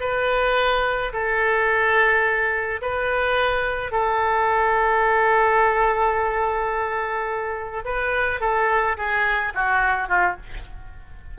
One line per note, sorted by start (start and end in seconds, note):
0.00 1.12 B4
1.12 2.81 A4
2.81 3.92 B4
3.92 7.84 A4
7.85 8.40 B4
8.40 8.96 A4
8.97 9.53 G#4
9.54 10.08 F#4
10.08 10.36 F4